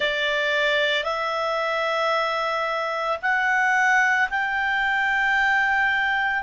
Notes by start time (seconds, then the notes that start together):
0.00 D5
1.04 E5
3.21 F#5
4.30 G5